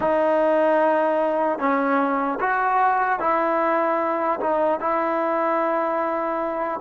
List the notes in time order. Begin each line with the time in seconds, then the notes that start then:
0.00 D#4
1.58 C#4
2.40 F#4
3.19 E4
4.40 D#4
4.80 E4